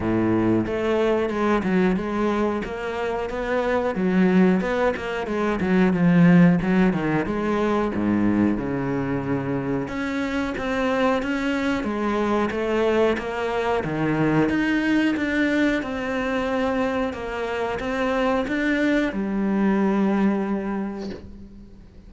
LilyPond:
\new Staff \with { instrumentName = "cello" } { \time 4/4 \tempo 4 = 91 a,4 a4 gis8 fis8 gis4 | ais4 b4 fis4 b8 ais8 | gis8 fis8 f4 fis8 dis8 gis4 | gis,4 cis2 cis'4 |
c'4 cis'4 gis4 a4 | ais4 dis4 dis'4 d'4 | c'2 ais4 c'4 | d'4 g2. | }